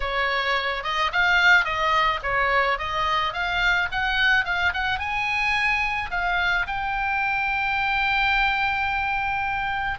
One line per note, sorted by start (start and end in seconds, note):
0.00 0.83 C#5
0.83 1.11 D#5
1.12 1.64 F5
1.64 2.20 D#5
2.22 2.78 C#5
2.78 3.33 D#5
3.33 3.88 F5
3.91 4.44 F#5
4.44 4.72 F5
4.73 4.98 F#5
4.98 6.10 G#5
6.10 6.66 F5
6.67 9.98 G5